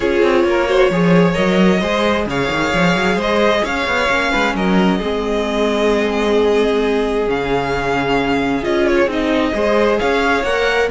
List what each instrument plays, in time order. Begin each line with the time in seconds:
0.00 cello C#4, viola F4, violin G#4 C#5
0.22 cello C4
0.43 cello A#3, violin A#4
0.67 viola F#4, violin C5
0.89 cello F3, viola G#4, violin C#5
1.34 cello F#3, viola A#4, violin D#5
1.80 cello G#3, viola G#4, violin C5
2.26 cello C#3, violin C#5 F5
2.50 cello D#3
2.73 cello F3
2.95 cello F#3
3.15 cello G#3, violin C5 D#5
3.64 cello C#4, violin C#5 F5
3.86 cello B3
4.09 cello A#3, viola C#4
4.31 cello G#3, violin B4
4.54 cello F#3, violin A#4 D#5
4.98 cello G#3, viola C4, violin G#4
7.27 cello C#3, viola C#4, violin F5
8.63 cello C#4, viola F4, violin D#5
8.87 violin C#5
9.06 cello C4, viola D#4
9.12 violin D#5
9.53 cello G#3, viola G#4, violin C5
9.99 cello C#4, violin C#5 F5
10.43 cello A#3, viola A#4, violin F#5